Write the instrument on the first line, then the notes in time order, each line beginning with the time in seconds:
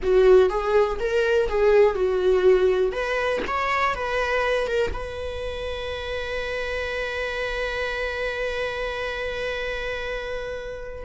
viola
0.02 F#4
0.49 G#4
0.99 A#4
1.49 G#4
1.94 F#4
2.92 B4
3.47 C#5
3.95 B4
4.67 A#4
4.93 B4